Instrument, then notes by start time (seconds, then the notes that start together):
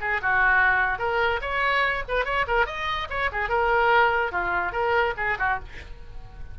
oboe
0.00 G#4
0.21 F#4
0.98 A#4
1.41 C#5
2.08 B4
2.25 C#5
2.47 A#4
2.66 D#5
3.09 C#5
3.32 G#4
3.49 A#4
4.31 F4
4.72 A#4
5.17 G#4
5.38 F#4